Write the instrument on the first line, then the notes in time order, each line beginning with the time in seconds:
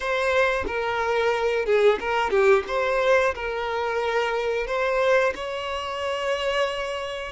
violin
0.00 C5
0.66 A#4
1.65 G#4
1.99 A#4
2.30 G4
2.67 C5
3.35 A#4
4.66 C5
5.35 C#5